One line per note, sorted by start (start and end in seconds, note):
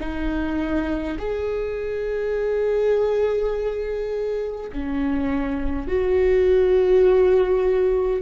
0.00 1.18 D#4
1.18 4.71 G#4
4.72 5.87 C#4
5.87 8.21 F#4